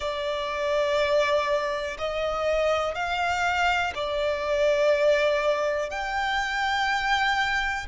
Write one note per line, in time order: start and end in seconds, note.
0.00 1.97 D5
1.98 2.95 D#5
2.95 3.93 F5
3.94 5.90 D5
5.90 7.86 G5